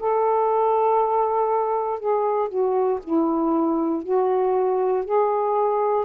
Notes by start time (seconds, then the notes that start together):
0.00 A4
2.00 G#4
2.49 F#4
3.04 E4
4.03 F#4
5.05 G#4